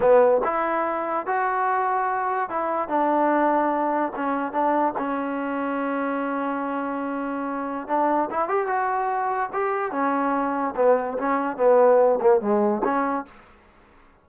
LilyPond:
\new Staff \with { instrumentName = "trombone" } { \time 4/4 \tempo 4 = 145 b4 e'2 fis'4~ | fis'2 e'4 d'4~ | d'2 cis'4 d'4 | cis'1~ |
cis'2. d'4 | e'8 g'8 fis'2 g'4 | cis'2 b4 cis'4 | b4. ais8 gis4 cis'4 | }